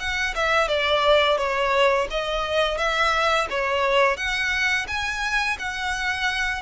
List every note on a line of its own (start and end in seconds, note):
0.00 0.35 F#5
0.36 0.68 E5
0.68 1.38 D5
1.38 2.08 C#5
2.11 2.78 D#5
2.78 3.48 E5
3.50 4.17 C#5
4.17 4.87 F#5
4.88 5.58 G#5
5.59 6.62 F#5